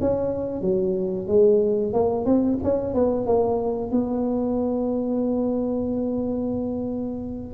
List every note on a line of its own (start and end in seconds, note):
0.00 0.61 C#4
0.61 1.27 F#3
1.27 1.93 G#3
1.93 2.25 A#3
2.25 2.58 C4
2.63 2.94 C#4
2.94 3.26 B3
3.26 3.91 A#3
3.91 7.53 B3